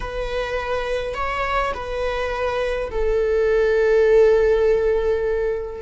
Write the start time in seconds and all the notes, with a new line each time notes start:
0.00 B4
1.14 C#5
1.73 B4
2.90 A4